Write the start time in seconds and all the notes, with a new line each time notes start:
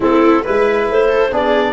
0.00 A3 C4 E4 A4
0.43 G#3 E4 B4
0.89 A3 C5
1.08 A4
1.31 B3 D4 G#4 D5